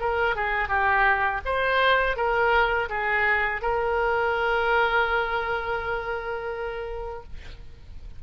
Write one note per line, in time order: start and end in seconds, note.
0.00 0.36 A#4
0.36 0.69 G#4
0.69 1.41 G4
1.46 2.17 C5
2.17 2.89 A#4
2.89 3.62 G#4
3.62 7.23 A#4